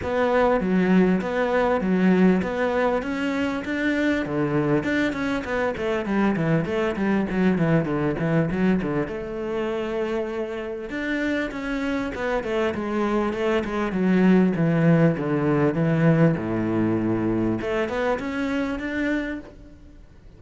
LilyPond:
\new Staff \with { instrumentName = "cello" } { \time 4/4 \tempo 4 = 99 b4 fis4 b4 fis4 | b4 cis'4 d'4 d4 | d'8 cis'8 b8 a8 g8 e8 a8 g8 | fis8 e8 d8 e8 fis8 d8 a4~ |
a2 d'4 cis'4 | b8 a8 gis4 a8 gis8 fis4 | e4 d4 e4 a,4~ | a,4 a8 b8 cis'4 d'4 | }